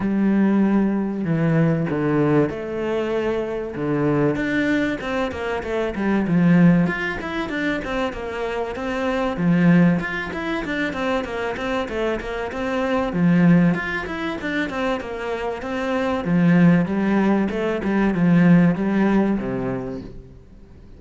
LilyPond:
\new Staff \with { instrumentName = "cello" } { \time 4/4 \tempo 4 = 96 g2 e4 d4 | a2 d4 d'4 | c'8 ais8 a8 g8 f4 f'8 e'8 | d'8 c'8 ais4 c'4 f4 |
f'8 e'8 d'8 c'8 ais8 c'8 a8 ais8 | c'4 f4 f'8 e'8 d'8 c'8 | ais4 c'4 f4 g4 | a8 g8 f4 g4 c4 | }